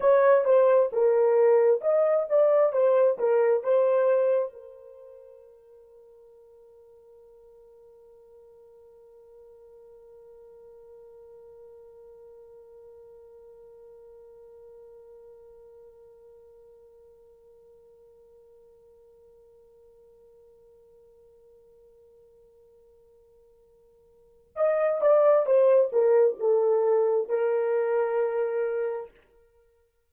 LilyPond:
\new Staff \with { instrumentName = "horn" } { \time 4/4 \tempo 4 = 66 cis''8 c''8 ais'4 dis''8 d''8 c''8 ais'8 | c''4 ais'2.~ | ais'1~ | ais'1~ |
ais'1~ | ais'1~ | ais'2. dis''8 d''8 | c''8 ais'8 a'4 ais'2 | }